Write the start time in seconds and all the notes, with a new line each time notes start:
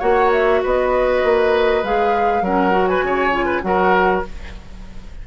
0.00 A#3 F#4 C#5 F#5
0.33 E5
0.64 B3 B4 D#5
1.24 A#3
1.84 G#3 G#4 F5
2.42 F#3 C#4 A#4 F#5
2.71 F#4
2.88 B4 G#5
3.03 C#3 C#5
3.32 F4
3.46 B4
3.62 F#3 F#4 A#4 F#5